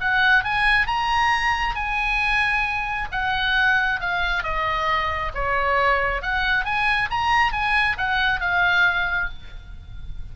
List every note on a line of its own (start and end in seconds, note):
0.00 0.44 F#5
0.44 0.86 G#5
0.86 1.75 A#5
1.75 3.08 G#5
3.11 4.00 F#5
4.00 4.43 F5
4.43 5.32 D#5
5.34 6.22 C#5
6.22 6.64 F#5
6.64 7.09 G#5
7.10 7.52 A#5
7.52 7.97 G#5
7.97 8.40 F#5
8.40 9.29 F5